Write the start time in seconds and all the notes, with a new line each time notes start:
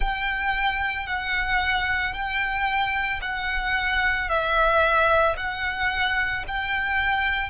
0.00 G5
1.07 F#5
2.13 G5
3.21 F#5
4.29 E5
5.36 F#5
6.47 G5